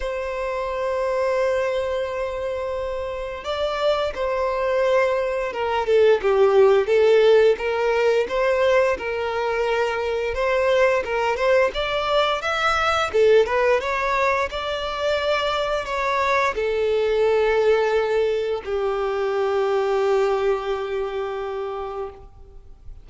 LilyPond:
\new Staff \with { instrumentName = "violin" } { \time 4/4 \tempo 4 = 87 c''1~ | c''4 d''4 c''2 | ais'8 a'8 g'4 a'4 ais'4 | c''4 ais'2 c''4 |
ais'8 c''8 d''4 e''4 a'8 b'8 | cis''4 d''2 cis''4 | a'2. g'4~ | g'1 | }